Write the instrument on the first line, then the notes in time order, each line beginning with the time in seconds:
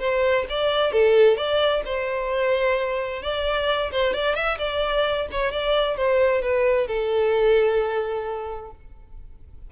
violin
0.00 C5
0.50 D5
0.93 A4
1.37 D5
1.86 C5
3.23 D5
3.92 C5
4.14 D5
4.35 E5
4.59 D5
5.32 C#5
5.52 D5
5.97 C5
6.42 B4
6.88 A4